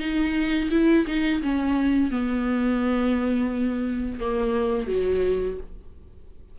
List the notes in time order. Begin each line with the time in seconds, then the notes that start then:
0.00 D#4
0.71 E4
1.07 D#4
1.42 C#4
2.11 B3
4.20 A#3
4.87 F#3